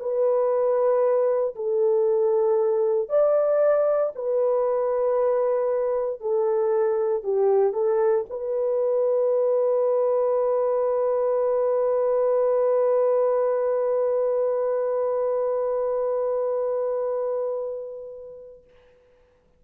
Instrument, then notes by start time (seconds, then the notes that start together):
horn
0.00 B4
1.56 A4
3.09 D5
4.16 B4
6.21 A4
7.24 G4
7.74 A4
8.30 B4